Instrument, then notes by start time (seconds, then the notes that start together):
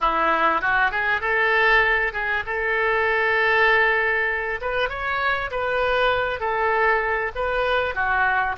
oboe
0.00 E4
0.61 F#4
0.91 G#4
1.21 A4
2.13 G#4
2.46 A4
4.61 B4
4.89 C#5
5.50 B4
6.40 A4
7.35 B4
7.94 F#4